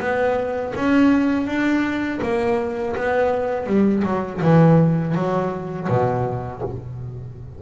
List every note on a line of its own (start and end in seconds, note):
0.00 0.73 B3
0.76 1.47 C#4
1.47 2.20 D4
2.23 2.96 A#3
2.96 3.67 B3
3.67 4.03 G3
4.04 4.41 F#3
4.42 5.15 E3
5.15 5.88 F#3
5.89 6.62 B2